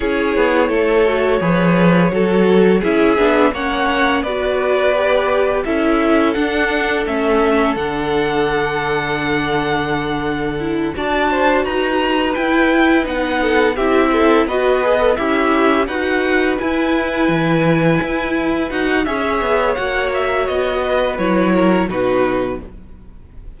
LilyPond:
<<
  \new Staff \with { instrumentName = "violin" } { \time 4/4 \tempo 4 = 85 cis''1 | e''4 fis''4 d''2 | e''4 fis''4 e''4 fis''4~ | fis''2.~ fis''8 a''8~ |
a''8 ais''4 g''4 fis''4 e''8~ | e''8 dis''4 e''4 fis''4 gis''8~ | gis''2~ gis''8 fis''8 e''4 | fis''8 e''8 dis''4 cis''4 b'4 | }
  \new Staff \with { instrumentName = "violin" } { \time 4/4 gis'4 a'4 b'4 a'4 | gis'4 cis''4 b'2 | a'1~ | a'2.~ a'8 d''8 |
c''8 b'2~ b'8 a'8 g'8 | a'8 b'4 e'4 b'4.~ | b'2. cis''4~ | cis''4. b'4 ais'8 fis'4 | }
  \new Staff \with { instrumentName = "viola" } { \time 4/4 e'4. fis'8 gis'4 fis'4 | e'8 d'8 cis'4 fis'4 g'4 | e'4 d'4 cis'4 d'4~ | d'2. e'8 fis'8~ |
fis'4. e'4 dis'4 e'8~ | e'8 fis'8 gis'16 a'16 g'4 fis'4 e'8~ | e'2~ e'8 fis'8 gis'4 | fis'2 e'4 dis'4 | }
  \new Staff \with { instrumentName = "cello" } { \time 4/4 cis'8 b8 a4 f4 fis4 | cis'8 b8 ais4 b2 | cis'4 d'4 a4 d4~ | d2.~ d8 d'8~ |
d'8 dis'4 e'4 b4 c'8~ | c'8 b4 cis'4 dis'4 e'8~ | e'8 e4 e'4 dis'8 cis'8 b8 | ais4 b4 fis4 b,4 | }
>>